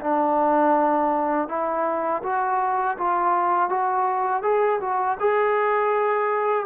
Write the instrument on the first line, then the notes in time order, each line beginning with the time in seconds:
trombone
0.00 D4
1.48 E4
2.22 F#4
2.98 F4
3.69 F#4
4.42 G#4
4.80 F#4
5.20 G#4